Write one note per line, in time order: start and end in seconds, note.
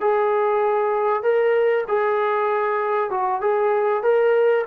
0.00 1.22 G#4
1.22 1.84 A#4
1.88 3.10 G#4
3.10 3.41 F#4
3.41 4.03 G#4
4.03 4.64 A#4